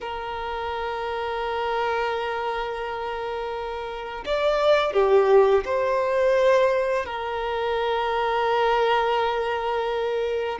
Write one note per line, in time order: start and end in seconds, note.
0.00 4.24 A#4
4.25 4.93 D5
4.93 5.63 G4
5.65 7.05 C5
7.05 10.58 A#4